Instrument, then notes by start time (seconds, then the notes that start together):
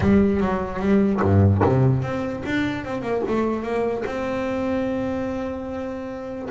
double bass
0.00 G3
0.40 F#3
0.79 G3
1.21 G2
1.63 C3
2.02 C4
2.45 D4
2.85 C4
3.01 A#3
3.28 A3
3.62 A#3
4.06 C4